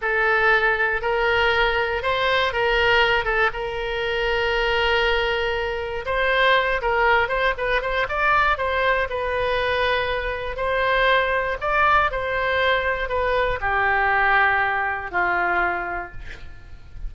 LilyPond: \new Staff \with { instrumentName = "oboe" } { \time 4/4 \tempo 4 = 119 a'2 ais'2 | c''4 ais'4. a'8 ais'4~ | ais'1 | c''4. ais'4 c''8 b'8 c''8 |
d''4 c''4 b'2~ | b'4 c''2 d''4 | c''2 b'4 g'4~ | g'2 f'2 | }